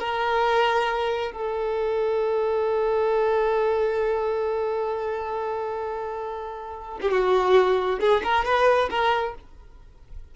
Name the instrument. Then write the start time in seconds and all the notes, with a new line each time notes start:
violin
0.00 A#4
1.32 A4
7.01 G4
7.11 F#4
8.00 G#4
8.24 A#4
8.45 B4
8.90 A#4